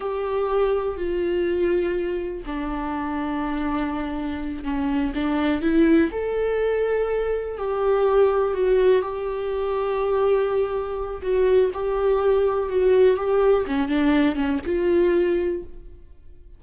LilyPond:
\new Staff \with { instrumentName = "viola" } { \time 4/4 \tempo 4 = 123 g'2 f'2~ | f'4 d'2.~ | d'4. cis'4 d'4 e'8~ | e'8 a'2. g'8~ |
g'4. fis'4 g'4.~ | g'2. fis'4 | g'2 fis'4 g'4 | cis'8 d'4 cis'8 f'2 | }